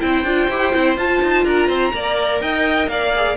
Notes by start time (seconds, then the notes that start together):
0.00 C4 E4 C5 G5
0.24 D4 F4
0.50 E4 G4
0.73 C4 E4
0.96 F4 A5
1.22 D#4
1.45 D4 A#4 A#5
1.68 C4 C5
1.94 A#3 A#4 D5
2.41 D#4 D#5 G5
2.88 A#3 D5 F5
3.16 G#4